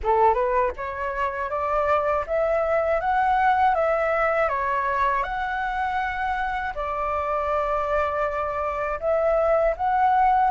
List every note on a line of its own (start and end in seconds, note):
0.03 0.33 A4
0.33 0.71 B4
0.76 1.50 C#5
1.50 2.25 D5
2.26 3.00 E5
3.00 3.74 F#5
3.74 4.48 E5
4.48 5.23 C#5
5.23 6.73 F#5
6.74 8.99 D5
9.00 9.75 E5
9.76 10.50 F#5